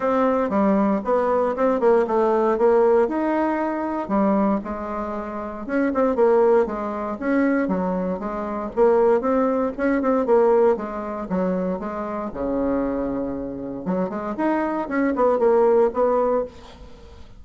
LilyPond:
\new Staff \with { instrumentName = "bassoon" } { \time 4/4 \tempo 4 = 117 c'4 g4 b4 c'8 ais8 | a4 ais4 dis'2 | g4 gis2 cis'8 c'8 | ais4 gis4 cis'4 fis4 |
gis4 ais4 c'4 cis'8 c'8 | ais4 gis4 fis4 gis4 | cis2. fis8 gis8 | dis'4 cis'8 b8 ais4 b4 | }